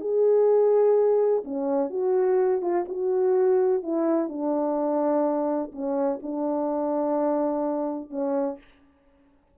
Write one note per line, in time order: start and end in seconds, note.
0.00 1.43 G#4
1.44 1.90 C#4
1.90 2.61 F#4
2.61 2.85 F4
2.88 3.82 F#4
3.82 4.28 E4
4.28 5.71 D4
5.72 6.19 C#4
6.22 8.10 D4
8.10 8.57 C#4